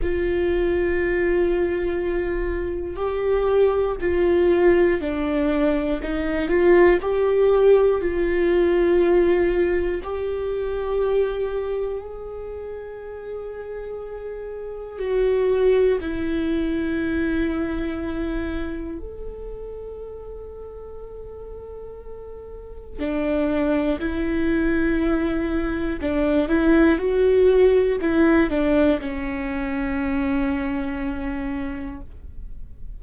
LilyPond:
\new Staff \with { instrumentName = "viola" } { \time 4/4 \tempo 4 = 60 f'2. g'4 | f'4 d'4 dis'8 f'8 g'4 | f'2 g'2 | gis'2. fis'4 |
e'2. a'4~ | a'2. d'4 | e'2 d'8 e'8 fis'4 | e'8 d'8 cis'2. | }